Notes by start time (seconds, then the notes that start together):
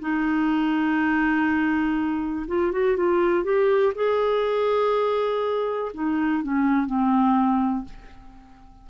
0.00 D#4
2.47 F4
2.72 F#4
2.96 F4
3.43 G4
3.95 G#4
5.94 D#4
6.42 C#4
6.86 C4